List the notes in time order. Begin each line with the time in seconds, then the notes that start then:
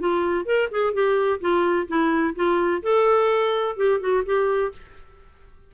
0.00 F4
0.46 A#4
0.71 G#4
0.94 G4
1.41 F4
1.88 E4
2.36 F4
2.83 A4
3.77 G4
4.00 F#4
4.25 G4